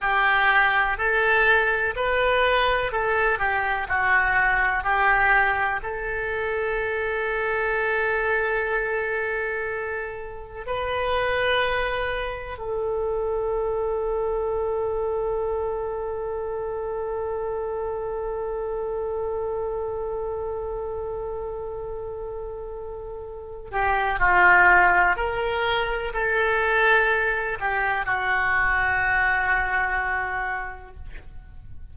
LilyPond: \new Staff \with { instrumentName = "oboe" } { \time 4/4 \tempo 4 = 62 g'4 a'4 b'4 a'8 g'8 | fis'4 g'4 a'2~ | a'2. b'4~ | b'4 a'2.~ |
a'1~ | a'1~ | a'8 g'8 f'4 ais'4 a'4~ | a'8 g'8 fis'2. | }